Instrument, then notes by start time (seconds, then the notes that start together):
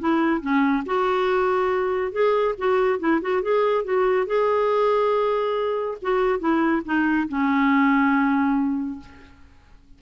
clarinet
0.00 E4
0.41 C#4
0.86 F#4
2.13 G#4
2.58 F#4
3.00 E4
3.22 F#4
3.42 G#4
3.85 F#4
4.27 G#4
6.02 F#4
6.40 E4
6.86 D#4
7.29 C#4